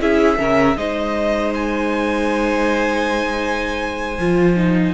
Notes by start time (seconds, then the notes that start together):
0.00 C#4 E4 G#4 E5
0.38 C#3 C#4 A#4
0.76 G#3 D#4 C5 D#5
1.54 G#5
4.18 F3 F4
4.56 D#4